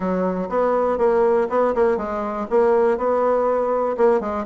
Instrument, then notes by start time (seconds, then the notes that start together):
bassoon
0.00 F#3
0.49 B3
0.98 A#3
1.49 B3
1.74 A#3
1.97 G#3
2.50 A#3
2.97 B3
3.97 A#3
4.20 G#3